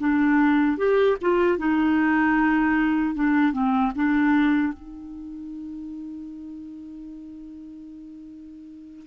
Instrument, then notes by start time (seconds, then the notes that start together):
clarinet
0.00 D4
0.78 G4
1.22 F4
1.59 D#4
3.15 D4
3.53 C4
3.96 D4
4.74 D#4